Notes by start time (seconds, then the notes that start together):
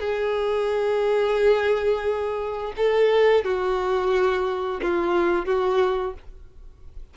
0.00 G#4
2.77 A4
3.44 F#4
4.82 F4
5.46 F#4